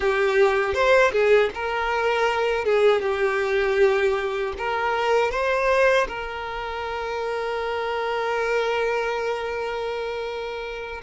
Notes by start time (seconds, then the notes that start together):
0.00 G4
0.74 C5
1.12 G#4
1.54 A#4
2.64 G#4
3.01 G4
4.58 A#4
5.31 C5
6.08 A#4